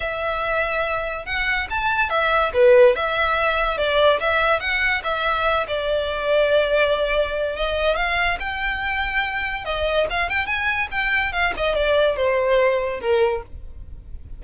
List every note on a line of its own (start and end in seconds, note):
0.00 1.25 E5
1.25 1.67 F#5
1.69 2.09 A5
2.09 2.51 E5
2.53 2.95 B4
2.95 3.77 E5
3.77 4.19 D5
4.20 4.60 E5
4.60 5.02 F#5
5.03 5.66 E5
5.67 7.56 D5
7.56 7.95 D#5
7.95 8.37 F5
8.39 9.64 G5
9.64 10.06 D#5
10.10 10.29 F5
10.29 10.46 G5
10.46 10.88 G#5
10.91 11.32 G5
11.32 11.53 F5
11.56 11.75 D#5
11.75 12.16 D5
12.16 13.00 C5
13.00 13.42 A#4